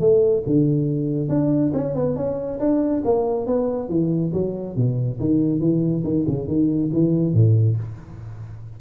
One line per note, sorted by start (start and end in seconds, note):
0.00 0.43 A3
0.47 1.29 D3
1.29 1.72 D4
1.73 1.95 C#4
1.95 2.16 B3
2.16 2.59 C#4
2.60 3.03 D4
3.05 3.46 A#3
3.46 3.88 B3
3.88 4.32 E3
4.33 4.76 F#3
4.76 5.19 B2
5.19 5.60 D#3
5.60 6.03 E3
6.04 6.25 D#3
6.27 6.48 C#3
6.48 6.91 D#3
6.93 7.33 E3
7.33 7.76 A2